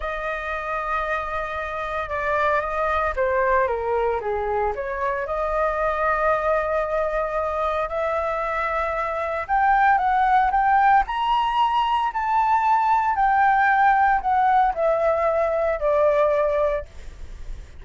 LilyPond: \new Staff \with { instrumentName = "flute" } { \time 4/4 \tempo 4 = 114 dis''1 | d''4 dis''4 c''4 ais'4 | gis'4 cis''4 dis''2~ | dis''2. e''4~ |
e''2 g''4 fis''4 | g''4 ais''2 a''4~ | a''4 g''2 fis''4 | e''2 d''2 | }